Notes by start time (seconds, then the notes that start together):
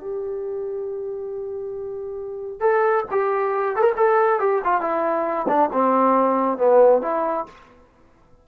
0.00 G4
2.60 A4
3.11 G4
3.76 A4 A#4
3.96 A4
4.39 G4
4.64 F4
4.81 E4
5.48 D4
5.72 C4
6.58 B3
7.02 E4